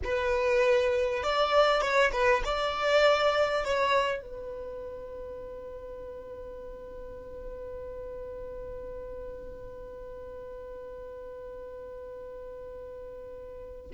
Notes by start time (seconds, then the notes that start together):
0.04 B4
1.23 D5
1.81 C#5
2.12 B4
2.44 D5
3.64 C#5
4.21 B4